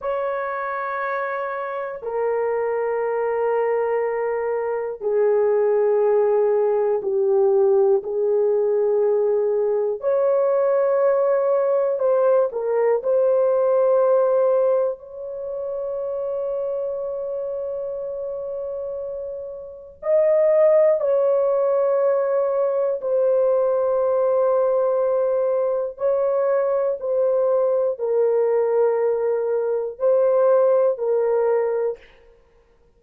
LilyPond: \new Staff \with { instrumentName = "horn" } { \time 4/4 \tempo 4 = 60 cis''2 ais'2~ | ais'4 gis'2 g'4 | gis'2 cis''2 | c''8 ais'8 c''2 cis''4~ |
cis''1 | dis''4 cis''2 c''4~ | c''2 cis''4 c''4 | ais'2 c''4 ais'4 | }